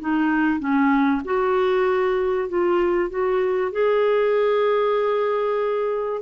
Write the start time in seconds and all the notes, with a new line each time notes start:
0.00 D#4
0.59 C#4
1.24 F#4
2.48 F4
3.10 F#4
3.72 G#4